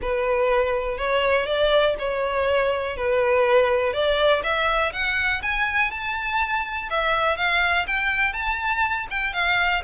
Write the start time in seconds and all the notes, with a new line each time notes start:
0.01 B4
0.97 C#5
1.46 D5
1.99 C#5
2.96 B4
3.93 D5
4.43 E5
4.92 F#5
5.42 G#5
5.91 A5
6.90 E5
7.36 F5
7.87 G5
8.33 A5
9.10 G5
9.33 F5